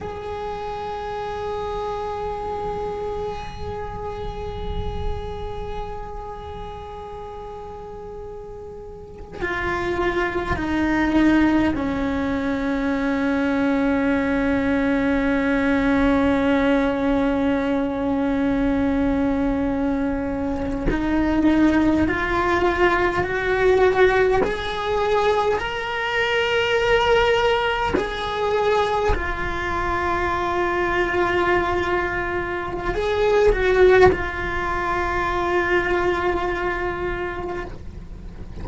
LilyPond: \new Staff \with { instrumentName = "cello" } { \time 4/4 \tempo 4 = 51 gis'1~ | gis'1 | f'4 dis'4 cis'2~ | cis'1~ |
cis'4.~ cis'16 dis'4 f'4 fis'16~ | fis'8. gis'4 ais'2 gis'16~ | gis'8. f'2.~ f'16 | gis'8 fis'8 f'2. | }